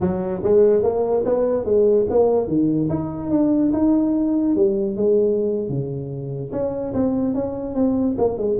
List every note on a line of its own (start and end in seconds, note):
0.00 0.42 F#3
0.43 0.82 G#3
0.82 1.24 A#3
1.25 1.64 B3
1.64 2.06 G#3
2.09 2.47 A#3
2.47 2.89 D#3
2.89 3.30 D#4
3.30 3.71 D4
3.72 4.55 D#4
4.55 4.96 G3
4.96 5.68 G#3
5.68 6.51 C#3
6.52 6.93 C#4
6.93 7.34 C4
7.34 7.75 C#4
7.75 8.16 C4
8.18 8.37 A#3
8.37 8.58 G#3